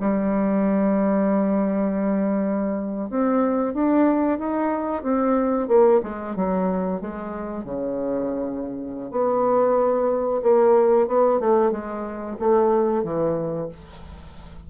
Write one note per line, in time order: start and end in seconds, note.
0.00 3.10 G3
3.10 3.74 C4
3.74 4.38 D4
4.38 5.02 D#4
5.02 5.68 C4
5.68 6.00 A#3
6.03 6.36 G#3
6.36 7.01 F#3
7.01 7.64 G#3
7.64 9.11 C#3
9.11 10.41 B3
10.42 11.07 A#3
11.07 11.40 B3
11.40 11.71 A3
11.71 12.36 G#3
12.39 13.03 A3
13.03 13.68 E3